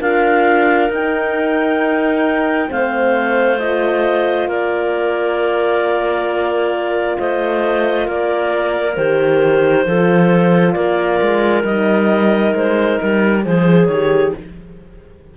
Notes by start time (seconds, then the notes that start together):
0.00 D4 F4 A#4 F5
0.90 D#4 G5
2.68 A3 C4 C5 F5
3.58 F4 D#5
4.48 A#3 A#4 D5
7.19 A3 C5 D#5
8.06 A#3 A#4 D5
8.95 D#3 G4 C5
9.86 F3 F4 A4
10.72 A#3 A#4 D5
11.21 G#3
11.63 G3 D#4 D#5
12.53 G#3 C5
12.99 G3 A#4
13.43 F3 G#4 C5
13.86 D#3 C#5
13.92 G4